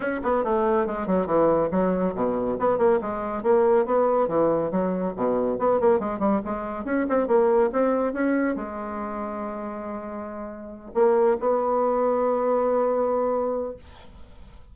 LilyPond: \new Staff \with { instrumentName = "bassoon" } { \time 4/4 \tempo 4 = 140 cis'8 b8 a4 gis8 fis8 e4 | fis4 b,4 b8 ais8 gis4 | ais4 b4 e4 fis4 | b,4 b8 ais8 gis8 g8 gis4 |
cis'8 c'8 ais4 c'4 cis'4 | gis1~ | gis4. ais4 b4.~ | b1 | }